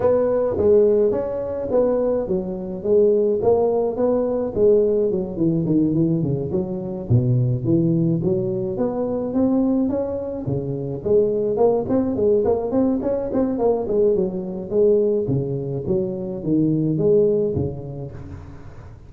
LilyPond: \new Staff \with { instrumentName = "tuba" } { \time 4/4 \tempo 4 = 106 b4 gis4 cis'4 b4 | fis4 gis4 ais4 b4 | gis4 fis8 e8 dis8 e8 cis8 fis8~ | fis8 b,4 e4 fis4 b8~ |
b8 c'4 cis'4 cis4 gis8~ | gis8 ais8 c'8 gis8 ais8 c'8 cis'8 c'8 | ais8 gis8 fis4 gis4 cis4 | fis4 dis4 gis4 cis4 | }